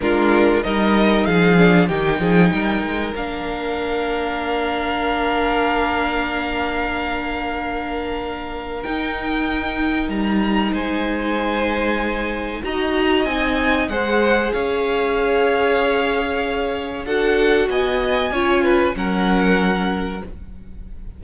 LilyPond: <<
  \new Staff \with { instrumentName = "violin" } { \time 4/4 \tempo 4 = 95 ais'4 dis''4 f''4 g''4~ | g''4 f''2.~ | f''1~ | f''2 g''2 |
ais''4 gis''2. | ais''4 gis''4 fis''4 f''4~ | f''2. fis''4 | gis''2 fis''2 | }
  \new Staff \with { instrumentName = "violin" } { \time 4/4 f'4 ais'4 gis'4 g'8 gis'8 | ais'1~ | ais'1~ | ais'1~ |
ais'4 c''2. | dis''2 c''4 cis''4~ | cis''2. a'4 | dis''4 cis''8 b'8 ais'2 | }
  \new Staff \with { instrumentName = "viola" } { \time 4/4 d'4 dis'4. d'8 dis'4~ | dis'4 d'2.~ | d'1~ | d'2 dis'2~ |
dis'1 | fis'4 dis'4 gis'2~ | gis'2. fis'4~ | fis'4 f'4 cis'2 | }
  \new Staff \with { instrumentName = "cello" } { \time 4/4 gis4 g4 f4 dis8 f8 | g8 gis8 ais2.~ | ais1~ | ais2 dis'2 |
g4 gis2. | dis'4 c'4 gis4 cis'4~ | cis'2. d'4 | b4 cis'4 fis2 | }
>>